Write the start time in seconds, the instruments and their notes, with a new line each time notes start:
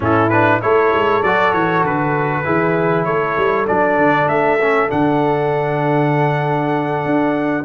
0.00 tuba A2, trombone C#4, horn E4, trumpet A4
0.29 trombone D4, trumpet B4
0.61 tuba A3, trombone E4, horn A4, trumpet C#5
0.94 tuba G#3
1.22 tuba F#3, trombone F#4, trumpet D5
1.53 tuba E3, trumpet C#5
1.83 tuba D3, trumpet B4
2.44 tuba E3, trombone E4, horn G#4
3.04 tuba A3, horn A4, trumpet C#5
3.37 tuba G3
3.67 tuba F#3, trombone D4, trumpet D5
3.97 tuba D3
4.28 tuba A3, trumpet E5
4.61 trombone C#4
4.88 tuba D3, trombone D4, trumpet F#5
7.05 tuba D4